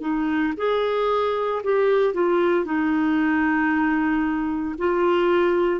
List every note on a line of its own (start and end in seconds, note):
0.00 0.53 D#4
0.56 1.62 G#4
1.63 2.13 G4
2.13 2.65 F4
2.65 4.75 D#4
4.78 5.80 F4